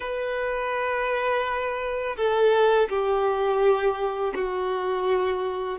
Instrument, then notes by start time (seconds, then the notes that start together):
violin
0.00 B4
2.16 A4
2.89 G4
4.34 F#4